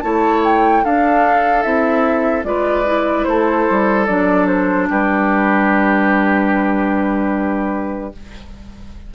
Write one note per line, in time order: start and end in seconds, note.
0.00 0.84 A3
0.00 0.84 E4
0.00 0.84 C#5
0.00 0.41 A5
0.44 0.85 G5
0.84 1.65 D4
0.84 1.63 D4
0.84 2.46 A4
0.84 1.62 F5
1.62 2.44 C4
1.62 2.44 E4
1.62 2.44 E5
2.44 3.25 G#3
2.44 2.84 F4
2.44 3.28 B4
2.44 3.24 D5
2.86 4.07 E4
3.24 3.68 A3
3.24 4.89 A4
3.24 4.05 C5
3.69 4.08 G3
4.06 4.89 F#3
4.06 8.12 D4
4.06 4.46 D5
4.47 4.87 C5
4.89 8.14 G3
4.89 8.13 G4
4.89 8.14 B4